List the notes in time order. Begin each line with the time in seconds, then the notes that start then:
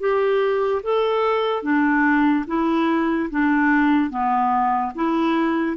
0.00 G4
0.83 A4
1.63 D4
2.47 E4
3.30 D4
4.10 B3
4.95 E4